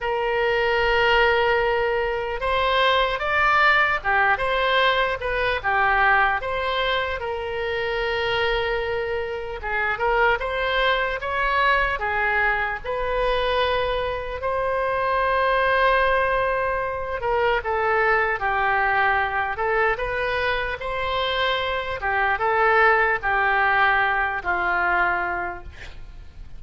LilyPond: \new Staff \with { instrumentName = "oboe" } { \time 4/4 \tempo 4 = 75 ais'2. c''4 | d''4 g'8 c''4 b'8 g'4 | c''4 ais'2. | gis'8 ais'8 c''4 cis''4 gis'4 |
b'2 c''2~ | c''4. ais'8 a'4 g'4~ | g'8 a'8 b'4 c''4. g'8 | a'4 g'4. f'4. | }